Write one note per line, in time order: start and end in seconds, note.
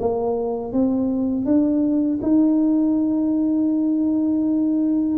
0.00 0.73 A#3
0.73 1.45 C4
1.45 2.20 D4
2.23 5.19 D#4